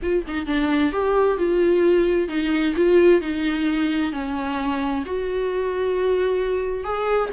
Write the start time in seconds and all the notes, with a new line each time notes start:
0.02 F4
0.27 D#4
0.46 D4
0.92 G4
1.37 F4
2.28 D#4
2.76 F4
3.21 D#4
4.12 C#4
5.05 F#4
6.83 G#4